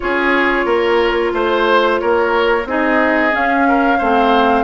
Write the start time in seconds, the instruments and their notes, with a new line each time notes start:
0.00 bassoon C#4, clarinet F4, oboe G#4, flute C#5
0.65 bassoon A#3, oboe A#4
1.33 bassoon A3, oboe C5, flute C5
1.99 bassoon A#3, oboe A#4, flute C#5
2.65 bassoon C4, clarinet D#4, oboe G#4, flute D#5
3.31 clarinet C#4, bassoon C#4, flute F5
3.67 oboe A#4
3.97 bassoon A3, clarinet C4, oboe C5